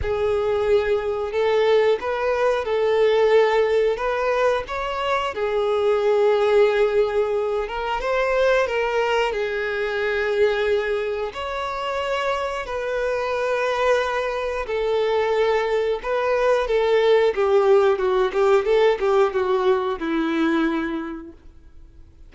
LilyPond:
\new Staff \with { instrumentName = "violin" } { \time 4/4 \tempo 4 = 90 gis'2 a'4 b'4 | a'2 b'4 cis''4 | gis'2.~ gis'8 ais'8 | c''4 ais'4 gis'2~ |
gis'4 cis''2 b'4~ | b'2 a'2 | b'4 a'4 g'4 fis'8 g'8 | a'8 g'8 fis'4 e'2 | }